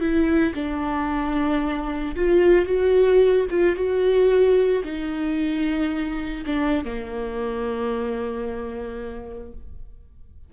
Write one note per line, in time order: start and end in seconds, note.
0.00 0.54 E4
0.55 2.15 D4
2.16 2.66 F4
2.66 3.46 F#4
3.50 3.76 F4
3.76 4.83 F#4
4.84 6.44 D#4
6.46 6.85 D4
6.85 9.53 A#3